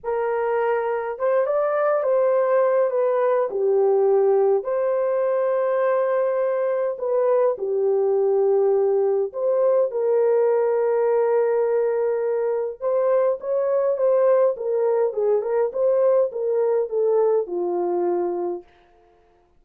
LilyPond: \new Staff \with { instrumentName = "horn" } { \time 4/4 \tempo 4 = 103 ais'2 c''8 d''4 c''8~ | c''4 b'4 g'2 | c''1 | b'4 g'2. |
c''4 ais'2.~ | ais'2 c''4 cis''4 | c''4 ais'4 gis'8 ais'8 c''4 | ais'4 a'4 f'2 | }